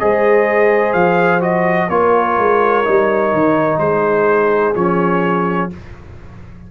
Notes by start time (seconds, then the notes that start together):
0.00 G#3 G#4 C5 D#5
0.93 F3 F5
1.40 F#4 D#5
1.90 A#3 F4 A#4 C#5
2.38 G#3
2.84 G3 D#4
3.33 D#3
3.79 G#3 G#4 C5
4.75 F3 C#4 C#5